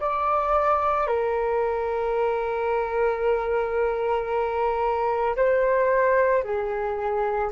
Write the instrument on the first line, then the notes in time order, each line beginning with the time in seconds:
flute
0.00 D5
1.07 A#4
5.36 C5
6.43 G#4